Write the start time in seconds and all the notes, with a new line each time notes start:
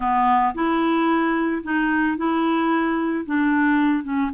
0.00 B3
0.54 E4
1.63 D#4
2.17 E4
3.25 D4
4.03 C#4